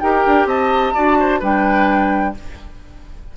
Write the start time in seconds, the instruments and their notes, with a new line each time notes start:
0.00 bassoon D#4, clarinet G4, oboe A#4, flute G5
0.26 bassoon D4
0.46 bassoon C4, oboe D#5, flute A5
0.94 bassoon D4, clarinet F#4, oboe D5
1.20 oboe C5
1.40 bassoon G3, clarinet D4, oboe B4, flute G5